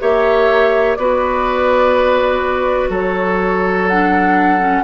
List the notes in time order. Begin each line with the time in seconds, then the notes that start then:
0.00 A#3 G4 C#5 E5
0.96 B3 F#4 B4 D5
2.89 F#3 A4 C#5
3.88 D4 F#5
4.59 C#4